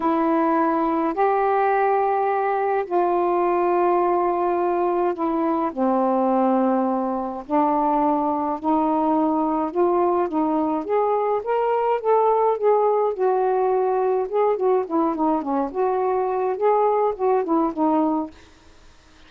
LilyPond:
\new Staff \with { instrumentName = "saxophone" } { \time 4/4 \tempo 4 = 105 e'2 g'2~ | g'4 f'2.~ | f'4 e'4 c'2~ | c'4 d'2 dis'4~ |
dis'4 f'4 dis'4 gis'4 | ais'4 a'4 gis'4 fis'4~ | fis'4 gis'8 fis'8 e'8 dis'8 cis'8 fis'8~ | fis'4 gis'4 fis'8 e'8 dis'4 | }